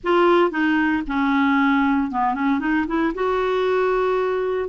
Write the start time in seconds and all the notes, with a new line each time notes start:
0.03 F4
0.50 D#4
1.07 C#4
2.11 B3
2.34 C#4
2.59 D#4
2.87 E4
3.14 F#4